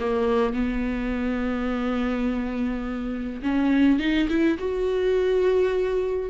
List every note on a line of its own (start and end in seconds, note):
0.00 0.54 A#3
0.54 3.42 B3
3.42 3.99 C#4
3.99 4.28 D#4
4.29 4.58 E4
4.59 6.30 F#4